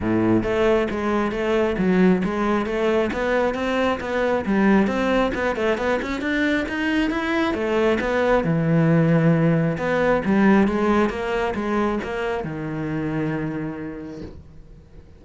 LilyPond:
\new Staff \with { instrumentName = "cello" } { \time 4/4 \tempo 4 = 135 a,4 a4 gis4 a4 | fis4 gis4 a4 b4 | c'4 b4 g4 c'4 | b8 a8 b8 cis'8 d'4 dis'4 |
e'4 a4 b4 e4~ | e2 b4 g4 | gis4 ais4 gis4 ais4 | dis1 | }